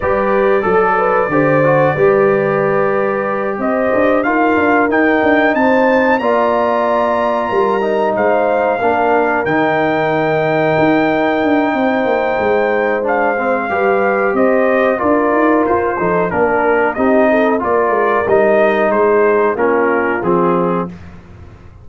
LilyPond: <<
  \new Staff \with { instrumentName = "trumpet" } { \time 4/4 \tempo 4 = 92 d''1~ | d''4. dis''4 f''4 g''8~ | g''8 a''4 ais''2~ ais''8~ | ais''8 f''2 g''4.~ |
g''1 | f''2 dis''4 d''4 | c''4 ais'4 dis''4 d''4 | dis''4 c''4 ais'4 gis'4 | }
  \new Staff \with { instrumentName = "horn" } { \time 4/4 b'4 a'8 b'8 c''4 b'4~ | b'4. c''4 ais'4.~ | ais'8 c''4 d''2 ais'8~ | ais'8 c''4 ais'2~ ais'8~ |
ais'2 c''2~ | c''4 b'4 c''4 ais'4~ | ais'8 a'8 ais'4 g'8 a'8 ais'4~ | ais'4 gis'4 f'2 | }
  \new Staff \with { instrumentName = "trombone" } { \time 4/4 g'4 a'4 g'8 fis'8 g'4~ | g'2~ g'8 f'4 dis'8~ | dis'4. f'2~ f'8 | dis'4. d'4 dis'4.~ |
dis'1 | d'8 c'8 g'2 f'4~ | f'8 dis'8 d'4 dis'4 f'4 | dis'2 cis'4 c'4 | }
  \new Staff \with { instrumentName = "tuba" } { \time 4/4 g4 fis4 d4 g4~ | g4. c'8 d'8 dis'8 d'8 dis'8 | d'8 c'4 ais2 g8~ | g8 gis4 ais4 dis4.~ |
dis8 dis'4 d'8 c'8 ais8 gis4~ | gis4 g4 c'4 d'8 dis'8 | f'8 f8 ais4 c'4 ais8 gis8 | g4 gis4 ais4 f4 | }
>>